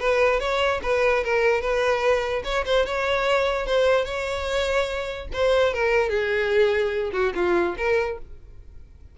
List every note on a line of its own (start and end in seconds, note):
0.00 0.40 B4
0.40 0.81 C#5
0.83 1.24 B4
1.24 1.62 A#4
1.62 2.43 B4
2.45 2.65 C#5
2.66 2.86 C5
2.86 3.67 C#5
3.67 4.06 C5
4.06 5.28 C#5
5.33 5.74 C5
5.74 6.10 A#4
6.10 7.12 G#4
7.13 7.33 F#4
7.35 7.76 F4
7.78 8.19 A#4